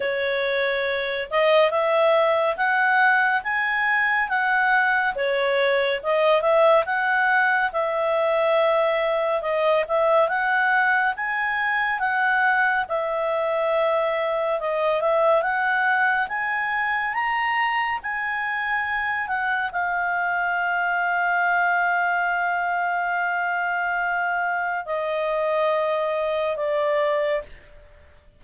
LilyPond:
\new Staff \with { instrumentName = "clarinet" } { \time 4/4 \tempo 4 = 70 cis''4. dis''8 e''4 fis''4 | gis''4 fis''4 cis''4 dis''8 e''8 | fis''4 e''2 dis''8 e''8 | fis''4 gis''4 fis''4 e''4~ |
e''4 dis''8 e''8 fis''4 gis''4 | ais''4 gis''4. fis''8 f''4~ | f''1~ | f''4 dis''2 d''4 | }